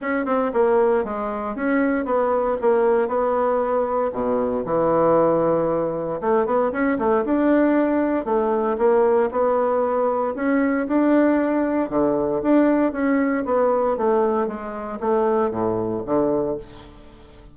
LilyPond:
\new Staff \with { instrumentName = "bassoon" } { \time 4/4 \tempo 4 = 116 cis'8 c'8 ais4 gis4 cis'4 | b4 ais4 b2 | b,4 e2. | a8 b8 cis'8 a8 d'2 |
a4 ais4 b2 | cis'4 d'2 d4 | d'4 cis'4 b4 a4 | gis4 a4 a,4 d4 | }